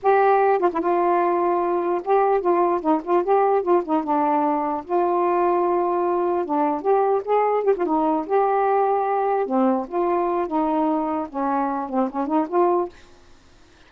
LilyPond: \new Staff \with { instrumentName = "saxophone" } { \time 4/4 \tempo 4 = 149 g'4. f'16 e'16 f'2~ | f'4 g'4 f'4 dis'8 f'8 | g'4 f'8 dis'8 d'2 | f'1 |
d'4 g'4 gis'4 g'16 f'16 dis'8~ | dis'8 g'2. c'8~ | c'8 f'4. dis'2 | cis'4. c'8 cis'8 dis'8 f'4 | }